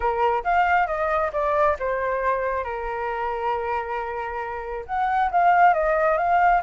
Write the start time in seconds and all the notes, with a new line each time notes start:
0.00 A#4
0.44 F5
0.86 D#5
1.32 D5
1.79 C5
2.64 A#4
4.86 F#5
5.31 F5
5.73 D#5
6.17 F5